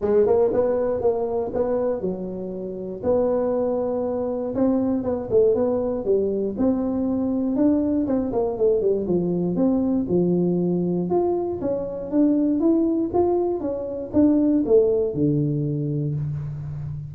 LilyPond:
\new Staff \with { instrumentName = "tuba" } { \time 4/4 \tempo 4 = 119 gis8 ais8 b4 ais4 b4 | fis2 b2~ | b4 c'4 b8 a8 b4 | g4 c'2 d'4 |
c'8 ais8 a8 g8 f4 c'4 | f2 f'4 cis'4 | d'4 e'4 f'4 cis'4 | d'4 a4 d2 | }